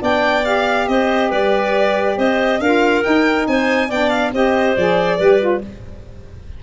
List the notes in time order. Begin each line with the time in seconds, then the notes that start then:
0.00 B3 D4 D5 G5
0.45 G4 F5
0.88 C4 C5 D#5
1.29 G3 B4 D5
2.17 C4 C5 D#5
2.60 D4 F4 A#4 F5
3.03 D#4 G5
3.48 C4 C5 G#5
3.88 B3 D4 D5 G5
4.10 F5
4.33 C4 G4 C5 D#5
4.77 F3 G#4 D5
5.18 G3 G4 B4
5.40 F4